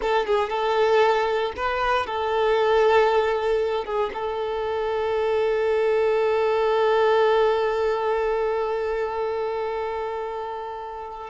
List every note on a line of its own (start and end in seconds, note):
0.01 0.26 A4
0.26 0.49 G#4
0.49 1.52 A4
1.56 2.06 B4
2.06 3.85 A4
3.85 4.10 G#4
4.13 11.30 A4